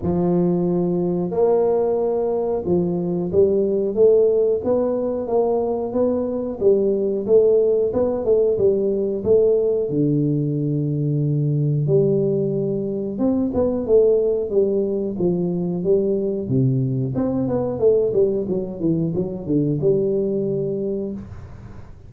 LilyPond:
\new Staff \with { instrumentName = "tuba" } { \time 4/4 \tempo 4 = 91 f2 ais2 | f4 g4 a4 b4 | ais4 b4 g4 a4 | b8 a8 g4 a4 d4~ |
d2 g2 | c'8 b8 a4 g4 f4 | g4 c4 c'8 b8 a8 g8 | fis8 e8 fis8 d8 g2 | }